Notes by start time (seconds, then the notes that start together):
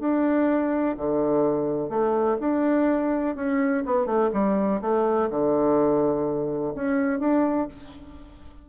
0.00 D4
0.97 D3
1.90 A3
2.40 D4
3.36 C#4
3.86 B3
4.06 A3
4.33 G3
4.82 A3
5.30 D3
6.75 C#4
7.20 D4